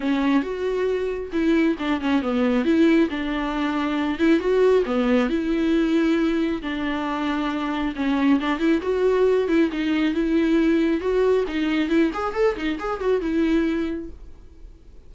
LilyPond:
\new Staff \with { instrumentName = "viola" } { \time 4/4 \tempo 4 = 136 cis'4 fis'2 e'4 | d'8 cis'8 b4 e'4 d'4~ | d'4. e'8 fis'4 b4 | e'2. d'4~ |
d'2 cis'4 d'8 e'8 | fis'4. e'8 dis'4 e'4~ | e'4 fis'4 dis'4 e'8 gis'8 | a'8 dis'8 gis'8 fis'8 e'2 | }